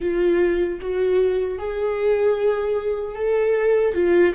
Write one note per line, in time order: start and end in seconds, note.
0.00 0.79 F4
0.81 1.58 F#4
1.58 3.15 G#4
3.15 3.94 A4
3.94 4.33 F4